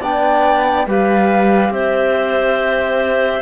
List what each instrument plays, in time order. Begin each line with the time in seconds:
0.00 cello B3, trombone D4, clarinet D5, flute G5
0.86 cello G3, trombone G4, clarinet B4, flute F5
1.70 cello C4, clarinet C5, flute E5